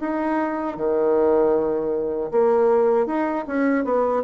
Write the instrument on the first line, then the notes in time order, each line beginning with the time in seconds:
bassoon
0.00 D#4
0.77 D#3
2.31 A#3
3.07 D#4
3.48 C#4
3.85 B3